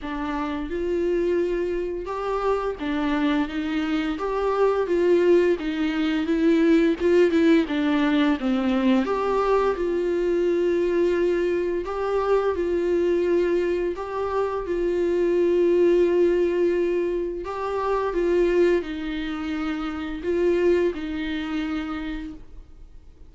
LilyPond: \new Staff \with { instrumentName = "viola" } { \time 4/4 \tempo 4 = 86 d'4 f'2 g'4 | d'4 dis'4 g'4 f'4 | dis'4 e'4 f'8 e'8 d'4 | c'4 g'4 f'2~ |
f'4 g'4 f'2 | g'4 f'2.~ | f'4 g'4 f'4 dis'4~ | dis'4 f'4 dis'2 | }